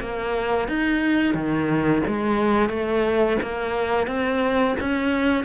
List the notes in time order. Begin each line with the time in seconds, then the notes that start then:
0.00 A#3
0.68 D#4
1.34 D#3
2.07 G#3
2.69 A3
3.42 A#3
4.07 C4
4.80 C#4